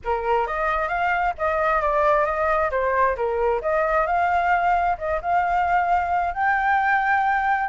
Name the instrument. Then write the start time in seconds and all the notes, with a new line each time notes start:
flute
0.04 A#4
0.46 D#5
0.88 F5
1.37 D#5
1.81 D5
2.25 D#5
2.71 C5
3.16 A#4
3.61 D#5
4.06 F5
4.98 D#5
5.21 F5
6.34 G5